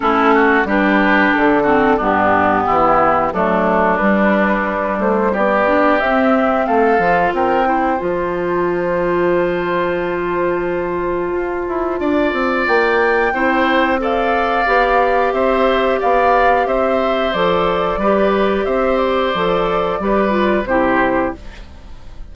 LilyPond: <<
  \new Staff \with { instrumentName = "flute" } { \time 4/4 \tempo 4 = 90 a'4 b'4 a'4 g'4~ | g'4 a'4 b'4. c''8 | d''4 e''4 f''4 g''4 | a''1~ |
a''2. g''4~ | g''4 f''2 e''4 | f''4 e''4 d''2 | e''8 d''2~ d''8 c''4 | }
  \new Staff \with { instrumentName = "oboe" } { \time 4/4 e'8 fis'8 g'4. fis'8 d'4 | e'4 d'2. | g'2 a'4 ais'8 c''8~ | c''1~ |
c''2 d''2 | c''4 d''2 c''4 | d''4 c''2 b'4 | c''2 b'4 g'4 | }
  \new Staff \with { instrumentName = "clarinet" } { \time 4/4 cis'4 d'4. c'8 b4~ | b4 a4 g2~ | g8 d'8 c'4. f'4 e'8 | f'1~ |
f'1 | e'4 a'4 g'2~ | g'2 a'4 g'4~ | g'4 a'4 g'8 f'8 e'4 | }
  \new Staff \with { instrumentName = "bassoon" } { \time 4/4 a4 g4 d4 g,4 | e4 fis4 g4. a8 | b4 c'4 a8 f8 c'4 | f1~ |
f4 f'8 e'8 d'8 c'8 ais4 | c'2 b4 c'4 | b4 c'4 f4 g4 | c'4 f4 g4 c4 | }
>>